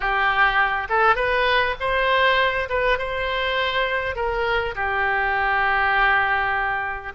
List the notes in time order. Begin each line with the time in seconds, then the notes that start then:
0.00 G4
0.89 A4
1.15 B4
1.80 C5
2.69 B4
2.98 C5
4.15 A#4
4.75 G4